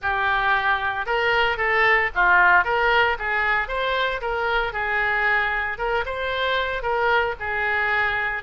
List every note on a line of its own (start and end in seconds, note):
0.02 1.06 G4
1.06 1.57 A#4
1.57 2.09 A4
2.14 2.64 F4
2.64 3.17 A#4
3.18 3.68 G#4
3.68 4.20 C5
4.21 4.72 A#4
4.72 5.78 G#4
5.78 6.04 A#4
6.05 6.82 C5
6.82 7.34 A#4
7.39 8.43 G#4